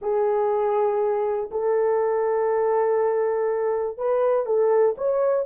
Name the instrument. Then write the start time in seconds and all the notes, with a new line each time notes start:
horn
0.01 G#4
1.51 A4
3.97 B4
4.46 A4
4.97 C#5